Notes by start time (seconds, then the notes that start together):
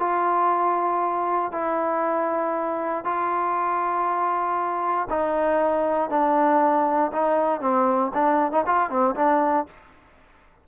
0.00 F4
1.52 E4
3.05 F4
5.10 D#4
6.10 D4
7.13 D#4
7.61 C4
8.14 D4
8.52 D#4
8.66 F4
8.90 C4
9.16 D4